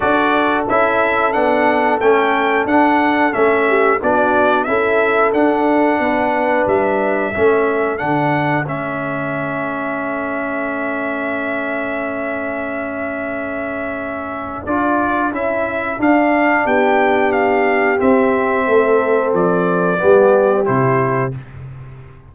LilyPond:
<<
  \new Staff \with { instrumentName = "trumpet" } { \time 4/4 \tempo 4 = 90 d''4 e''4 fis''4 g''4 | fis''4 e''4 d''4 e''4 | fis''2 e''2 | fis''4 e''2.~ |
e''1~ | e''2 d''4 e''4 | f''4 g''4 f''4 e''4~ | e''4 d''2 c''4 | }
  \new Staff \with { instrumentName = "horn" } { \time 4/4 a'1~ | a'4. g'8 fis'4 a'4~ | a'4 b'2 a'4~ | a'1~ |
a'1~ | a'1~ | a'4 g'2. | a'2 g'2 | }
  \new Staff \with { instrumentName = "trombone" } { \time 4/4 fis'4 e'4 d'4 cis'4 | d'4 cis'4 d'4 e'4 | d'2. cis'4 | d'4 cis'2.~ |
cis'1~ | cis'2 f'4 e'4 | d'2. c'4~ | c'2 b4 e'4 | }
  \new Staff \with { instrumentName = "tuba" } { \time 4/4 d'4 cis'4 b4 a4 | d'4 a4 b4 cis'4 | d'4 b4 g4 a4 | d4 a2.~ |
a1~ | a2 d'4 cis'4 | d'4 b2 c'4 | a4 f4 g4 c4 | }
>>